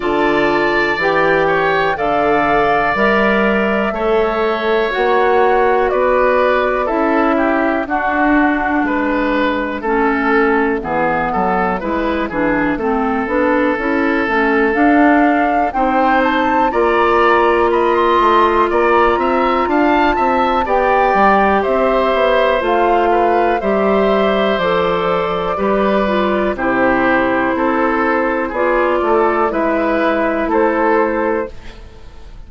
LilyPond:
<<
  \new Staff \with { instrumentName = "flute" } { \time 4/4 \tempo 4 = 61 a''4 g''4 f''4 e''4~ | e''4 fis''4 d''4 e''4 | fis''4 e''2.~ | e''2. f''4 |
g''8 a''8 ais''4 b''16 c'''8. ais''4 | a''4 g''4 e''4 f''4 | e''4 d''2 c''4~ | c''4 d''4 e''4 c''4 | }
  \new Staff \with { instrumentName = "oboe" } { \time 4/4 d''4. cis''8 d''2 | cis''2 b'4 a'8 g'8 | fis'4 b'4 a'4 gis'8 a'8 | b'8 gis'8 a'2. |
c''4 d''4 dis''4 d''8 e''8 | f''8 e''8 d''4 c''4. b'8 | c''2 b'4 g'4 | a'4 gis'8 a'8 b'4 a'4 | }
  \new Staff \with { instrumentName = "clarinet" } { \time 4/4 f'4 g'4 a'4 ais'4 | a'4 fis'2 e'4 | d'2 cis'4 b4 | e'8 d'8 c'8 d'8 e'8 cis'8 d'4 |
dis'4 f'2.~ | f'4 g'2 f'4 | g'4 a'4 g'8 f'8 e'4~ | e'4 f'4 e'2 | }
  \new Staff \with { instrumentName = "bassoon" } { \time 4/4 d4 e4 d4 g4 | a4 ais4 b4 cis'4 | d'4 gis4 a4 e8 fis8 | gis8 e8 a8 b8 cis'8 a8 d'4 |
c'4 ais4. a8 ais8 c'8 | d'8 c'8 b8 g8 c'8 b8 a4 | g4 f4 g4 c4 | c'4 b8 a8 gis4 a4 | }
>>